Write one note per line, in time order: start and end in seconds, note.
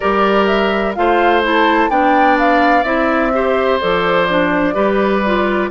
0.00 0.97 G3
0.00 0.95 G4
0.00 0.95 A#4
0.00 0.46 D5
0.46 0.93 E5
0.94 1.89 A3
0.94 1.43 F4
0.94 1.89 C5
0.94 1.42 F5
1.43 1.89 E4
1.43 1.89 A5
1.89 2.84 B3
1.89 2.85 D4
1.89 3.32 D5
1.89 2.37 G5
2.38 2.83 F5
2.83 3.79 C4
2.83 3.32 E4
2.83 3.79 E5
3.33 3.80 G4
3.33 4.74 C5
3.80 4.75 F3
3.80 4.28 A4
3.80 5.70 D5
4.28 4.73 D4
4.73 5.70 G3
4.73 5.21 G4
4.73 5.69 B4
5.26 5.70 F4